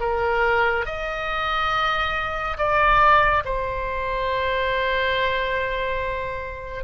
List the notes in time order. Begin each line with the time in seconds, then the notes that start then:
0.00 A#4
0.86 D#5
2.58 D5
3.45 C5